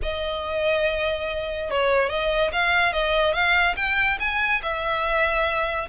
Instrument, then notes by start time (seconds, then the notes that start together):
violin
0.02 D#5
1.70 C#5
2.09 D#5
2.52 F5
2.93 D#5
3.33 F5
3.76 G5
4.19 G#5
4.62 E5